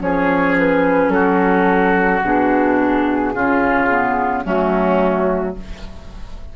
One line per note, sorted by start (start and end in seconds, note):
0.00 1.08 F3
0.00 2.22 C#4
0.00 1.13 G#4
0.00 0.56 C#5
0.58 1.10 B4
1.08 2.19 F#3
1.08 3.34 F#4
1.08 2.21 A4
2.23 3.34 B2
2.23 3.34 D4
2.23 4.44 G#4
3.34 4.45 C#3
3.34 3.89 C#4
3.34 4.44 F4
3.89 4.44 B3
4.44 5.56 F#3
4.44 5.55 A3
4.44 5.55 C#4
4.44 5.55 F#4